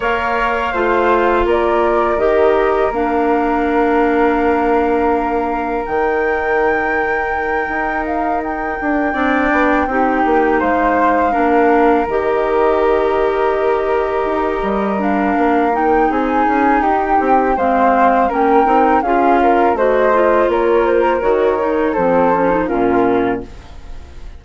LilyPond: <<
  \new Staff \with { instrumentName = "flute" } { \time 4/4 \tempo 4 = 82 f''2 d''4 dis''4 | f''1 | g''2. f''8 g''8~ | g''2~ g''8 f''4.~ |
f''8 dis''2.~ dis''8~ | dis''8 f''4 g''8 gis''4 g''4 | f''4 g''4 f''4 dis''4 | cis''8 c''8 cis''4 c''4 ais'4 | }
  \new Staff \with { instrumentName = "flute" } { \time 4/4 cis''4 c''4 ais'2~ | ais'1~ | ais'1~ | ais'8 d''4 g'4 c''4 ais'8~ |
ais'1~ | ais'2 gis'4 g'4 | c''4 ais'4 gis'8 ais'8 c''4 | ais'2 a'4 f'4 | }
  \new Staff \with { instrumentName = "clarinet" } { \time 4/4 ais'4 f'2 g'4 | d'1 | dis'1~ | dis'8 d'4 dis'2 d'8~ |
d'8 g'2.~ g'8~ | g'8 d'4 dis'2~ dis'8 | c'4 cis'8 dis'8 f'4 fis'8 f'8~ | f'4 fis'8 dis'8 c'8 cis'16 dis'16 cis'4 | }
  \new Staff \with { instrumentName = "bassoon" } { \time 4/4 ais4 a4 ais4 dis4 | ais1 | dis2~ dis8 dis'4. | d'8 c'8 b8 c'8 ais8 gis4 ais8~ |
ais8 dis2. dis'8 | g4 ais4 c'8 cis'8 dis'8 c'8 | gis4 ais8 c'8 cis'4 a4 | ais4 dis4 f4 ais,4 | }
>>